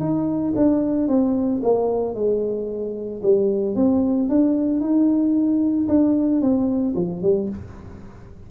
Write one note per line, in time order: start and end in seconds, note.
0.00 0.54 D#4
0.56 1.08 D4
1.08 1.62 C4
1.63 2.15 A#3
2.15 3.22 G#3
3.23 3.75 G3
3.75 4.29 C4
4.30 4.81 D4
4.81 5.88 D#4
5.89 6.42 D4
6.42 6.95 C4
6.96 7.22 F3
7.22 7.49 G3